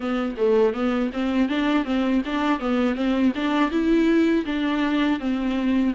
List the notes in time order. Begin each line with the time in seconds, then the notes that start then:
0.00 B3
0.37 A3
0.73 B3
1.13 C4
1.48 D4
1.85 C4
2.25 D4
2.59 B3
2.95 C4
3.35 D4
3.70 E4
4.45 D4
5.19 C4